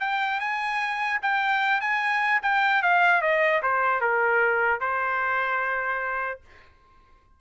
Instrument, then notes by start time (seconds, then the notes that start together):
trumpet
0.00 G5
0.40 G#5
1.22 G5
1.81 G#5
2.42 G5
2.82 F5
3.21 D#5
3.62 C5
4.01 A#4
4.81 C5